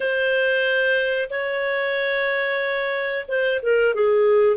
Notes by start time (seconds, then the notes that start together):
0.00 C5
1.30 C#5
3.28 C5
3.62 A#4
3.94 G#4